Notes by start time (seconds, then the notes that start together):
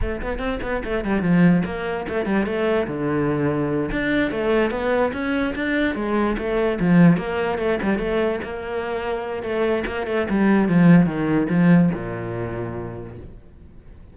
0.01 A3
0.22 B3
0.38 C4
0.62 B3
0.84 A3
1.04 G3
1.21 F3
1.65 A#3
2.08 A3
2.25 G3
2.46 A3
2.87 D3
3.91 D4
4.31 A3
4.71 B3
5.13 C#4
5.55 D4
5.95 G#3
6.38 A3
6.80 F3
7.17 A#3
7.58 A3
7.82 G3
7.98 A3
8.43 A#3
9.43 A3
9.86 A#3
10.07 A3
10.29 G3
10.68 F3
11.06 D#3
11.49 F3
11.93 A#2